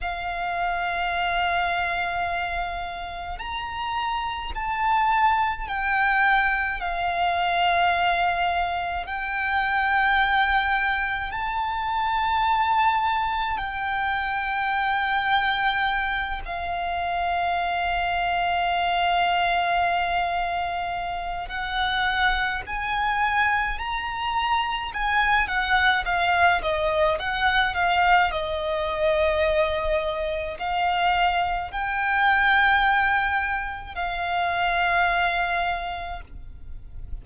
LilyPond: \new Staff \with { instrumentName = "violin" } { \time 4/4 \tempo 4 = 53 f''2. ais''4 | a''4 g''4 f''2 | g''2 a''2 | g''2~ g''8 f''4.~ |
f''2. fis''4 | gis''4 ais''4 gis''8 fis''8 f''8 dis''8 | fis''8 f''8 dis''2 f''4 | g''2 f''2 | }